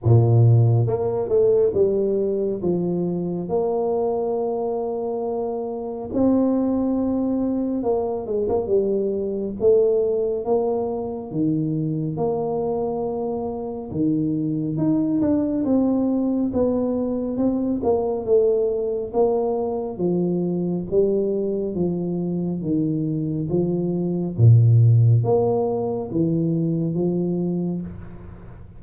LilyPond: \new Staff \with { instrumentName = "tuba" } { \time 4/4 \tempo 4 = 69 ais,4 ais8 a8 g4 f4 | ais2. c'4~ | c'4 ais8 gis16 ais16 g4 a4 | ais4 dis4 ais2 |
dis4 dis'8 d'8 c'4 b4 | c'8 ais8 a4 ais4 f4 | g4 f4 dis4 f4 | ais,4 ais4 e4 f4 | }